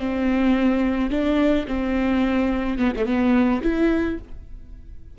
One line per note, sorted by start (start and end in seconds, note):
0.00 1.11 C4
1.11 1.67 D4
1.67 2.79 C4
2.79 2.93 B3
2.97 3.06 A3
3.06 3.62 B3
3.63 4.19 E4